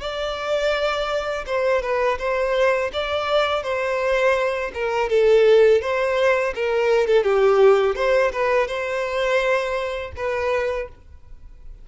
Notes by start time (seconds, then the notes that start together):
0.00 D5
1.46 C5
1.82 B4
2.19 C5
2.93 D5
3.62 C5
4.73 A#4
5.09 A4
5.81 C5
6.55 A#4
7.07 A4
7.23 G4
7.95 C5
8.32 B4
8.67 C5
10.16 B4